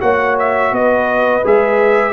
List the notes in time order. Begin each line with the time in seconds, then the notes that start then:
0.00 A#3 F#4 C#5 F#5
0.39 E5
0.71 B3 B4 D#5
1.44 G#3 G#4 E5